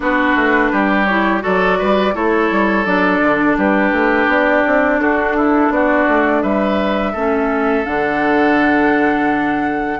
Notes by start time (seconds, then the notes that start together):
0.00 B3 D4 F#4 B4
0.35 A3
0.72 G3 G4
1.05 E4 C#5
1.40 F#3 F#4 A4 D5
1.78 G3 B4
2.13 A3 E4 A4 C#5
2.51 G3
2.84 F#3 D4 D5
3.22 D3
3.57 G3 G4 B4
3.92 A3
4.26 B3 D5
4.66 C4
5.00 D4 F#4 A4
5.36 E4
5.70 B3 F#4 D5
6.08 A3
6.42 G3 B4 E5
7.12 A3 C#4 A4
7.84 D3 D4 F#5